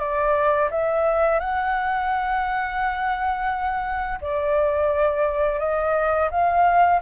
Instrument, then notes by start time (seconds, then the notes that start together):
flute
0.00 D5
0.71 E5
1.40 F#5
4.22 D5
5.60 D#5
6.31 F5